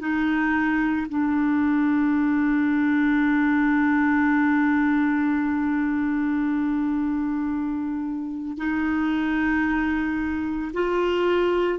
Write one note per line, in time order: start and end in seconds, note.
0.00 1.07 D#4
1.10 8.58 D4
8.58 10.72 D#4
10.74 11.80 F4